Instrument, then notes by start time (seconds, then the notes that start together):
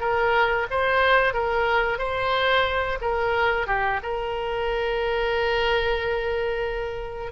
oboe
0.00 A#4
0.70 C5
1.33 A#4
1.98 C5
3.01 A#4
3.67 G4
4.03 A#4